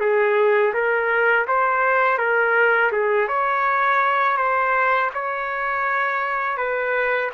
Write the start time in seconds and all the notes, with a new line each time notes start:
0.00 G#4
0.73 A#4
1.48 C5
2.18 A#4
2.92 G#4
3.28 C#5
4.37 C5
5.14 C#5
6.57 B4